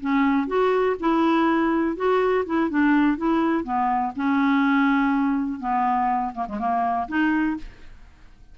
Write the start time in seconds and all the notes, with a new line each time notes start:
0.00 C#4
0.47 F#4
1.00 E4
1.96 F#4
2.45 E4
2.70 D4
3.17 E4
3.64 B3
4.16 C#4
5.59 B3
6.34 A#3
6.48 G#3
6.59 A#3
7.08 D#4